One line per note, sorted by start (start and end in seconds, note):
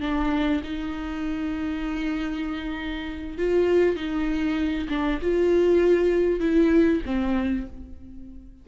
0.00 0.61 D4
0.63 3.38 D#4
3.38 3.96 F4
3.96 4.88 D#4
4.89 5.19 D4
5.21 6.40 F4
6.40 7.01 E4
7.05 7.67 C4